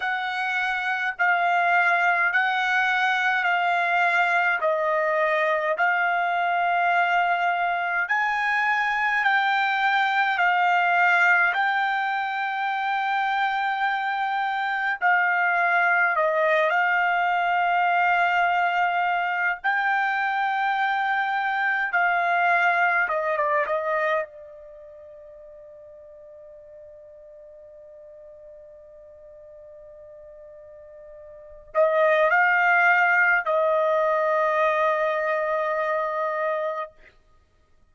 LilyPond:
\new Staff \with { instrumentName = "trumpet" } { \time 4/4 \tempo 4 = 52 fis''4 f''4 fis''4 f''4 | dis''4 f''2 gis''4 | g''4 f''4 g''2~ | g''4 f''4 dis''8 f''4.~ |
f''4 g''2 f''4 | dis''16 d''16 dis''8 d''2.~ | d''2.~ d''8 dis''8 | f''4 dis''2. | }